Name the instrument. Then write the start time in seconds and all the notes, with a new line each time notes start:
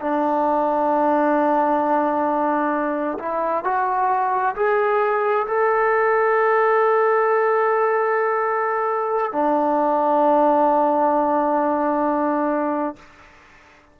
trombone
0.00 D4
3.19 E4
3.64 F#4
4.55 G#4
5.47 A4
9.32 D4